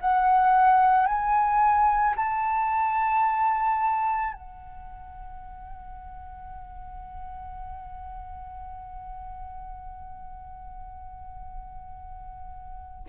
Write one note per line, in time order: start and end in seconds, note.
0.00 1.06 F#5
1.06 2.15 G#5
2.16 4.33 A5
4.33 13.06 F#5